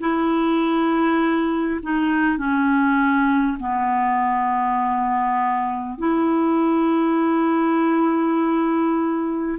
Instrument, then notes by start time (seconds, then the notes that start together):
clarinet
0.00 E4
1.82 D#4
2.38 C#4
3.59 B3
5.98 E4